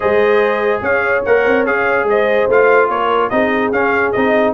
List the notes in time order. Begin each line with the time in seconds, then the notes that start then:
0.00 G#3 G#4 C5 D#5
0.81 C#4 C#5 F5
1.25 A#3 A#4 F#5
1.45 C4
1.66 C#4 G#4 F5
2.03 G#3 D#5
2.10 C5
2.48 A3 F4 F5
2.89 A#3 A#4 C#5
3.29 C4 D#4 G#4 D#5
3.71 C#4 F5
4.12 C4 D#4 D#5